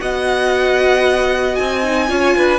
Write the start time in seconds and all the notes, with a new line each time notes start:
0.00 B3 F#4 D#5 F#5
1.55 C4 G#5
1.83 D#4
2.08 C#4 F4 C#5
2.36 D4 B4